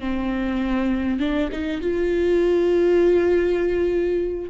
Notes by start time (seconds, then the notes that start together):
0.00 C4
1.20 D4
1.52 D#4
1.81 F4